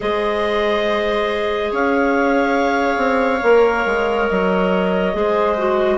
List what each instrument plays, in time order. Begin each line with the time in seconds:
0.00 bassoon G#3, clarinet G#4 D#5, viola C5
1.71 bassoon C#4, viola C#5, clarinet F5
2.97 bassoon C4
3.42 bassoon A#3, clarinet A#4
3.86 bassoon G#3
4.27 bassoon F#3, clarinet D#5
5.13 bassoon G#3, clarinet G#4, viola C5
5.57 clarinet F#4